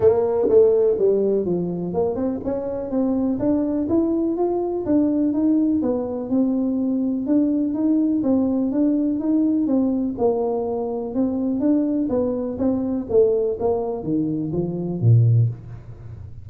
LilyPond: \new Staff \with { instrumentName = "tuba" } { \time 4/4 \tempo 4 = 124 ais4 a4 g4 f4 | ais8 c'8 cis'4 c'4 d'4 | e'4 f'4 d'4 dis'4 | b4 c'2 d'4 |
dis'4 c'4 d'4 dis'4 | c'4 ais2 c'4 | d'4 b4 c'4 a4 | ais4 dis4 f4 ais,4 | }